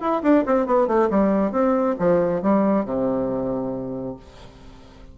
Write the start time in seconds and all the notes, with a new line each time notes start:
0.00 E4
0.22 D4
0.45 C4
0.66 B3
0.87 A3
1.10 G3
1.51 C4
1.99 F3
2.42 G3
2.84 C3